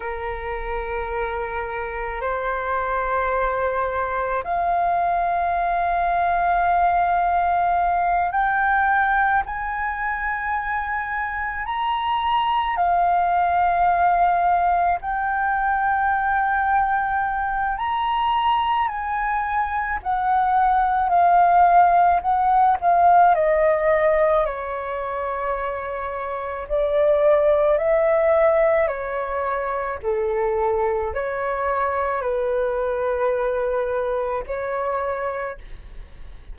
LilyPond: \new Staff \with { instrumentName = "flute" } { \time 4/4 \tempo 4 = 54 ais'2 c''2 | f''2.~ f''8 g''8~ | g''8 gis''2 ais''4 f''8~ | f''4. g''2~ g''8 |
ais''4 gis''4 fis''4 f''4 | fis''8 f''8 dis''4 cis''2 | d''4 e''4 cis''4 a'4 | cis''4 b'2 cis''4 | }